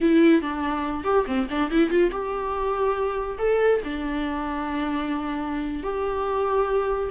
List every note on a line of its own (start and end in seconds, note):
0.01 0.41 E4
0.41 1.04 D4
1.04 1.25 G4
1.26 1.47 C4
1.50 1.70 D4
1.70 1.89 E4
1.89 2.10 F4
2.11 3.38 G4
3.38 3.80 A4
3.84 5.83 D4
5.83 7.09 G4